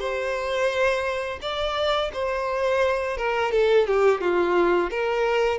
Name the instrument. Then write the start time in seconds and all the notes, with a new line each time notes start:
violin
0.00 C5
1.42 D5
2.13 C5
3.18 A#4
3.52 A4
3.87 G4
4.21 F4
4.91 A#4